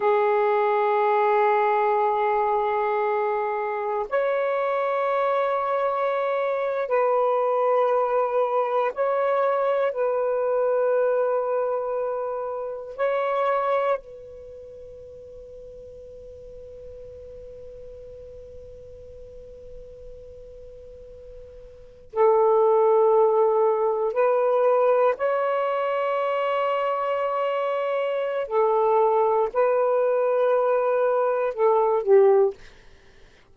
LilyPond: \new Staff \with { instrumentName = "saxophone" } { \time 4/4 \tempo 4 = 59 gis'1 | cis''2~ cis''8. b'4~ b'16~ | b'8. cis''4 b'2~ b'16~ | b'8. cis''4 b'2~ b'16~ |
b'1~ | b'4.~ b'16 a'2 b'16~ | b'8. cis''2.~ cis''16 | a'4 b'2 a'8 g'8 | }